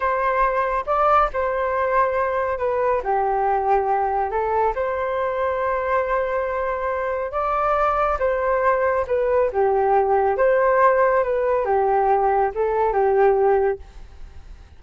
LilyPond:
\new Staff \with { instrumentName = "flute" } { \time 4/4 \tempo 4 = 139 c''2 d''4 c''4~ | c''2 b'4 g'4~ | g'2 a'4 c''4~ | c''1~ |
c''4 d''2 c''4~ | c''4 b'4 g'2 | c''2 b'4 g'4~ | g'4 a'4 g'2 | }